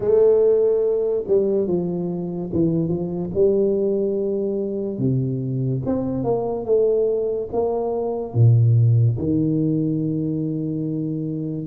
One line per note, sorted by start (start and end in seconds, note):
0.00 1.24 A3
1.27 1.67 G3
1.67 2.50 F3
2.52 2.88 E3
2.88 3.30 F3
3.34 4.98 G3
4.98 5.81 C3
5.85 6.23 C4
6.23 6.65 A#3
6.65 7.48 A3
7.52 8.34 A#3
8.34 9.17 A#2
9.18 11.67 D#3